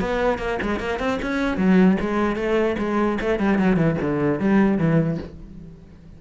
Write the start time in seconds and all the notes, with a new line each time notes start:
0.00 B3
0.38 A#3
0.62 G#3
0.79 A#3
0.99 C4
1.22 C#4
1.57 F#3
2.00 G#3
2.36 A3
2.78 G#3
3.21 A3
3.39 G3
3.58 F#3
3.76 E3
4.01 D3
4.40 G3
4.78 E3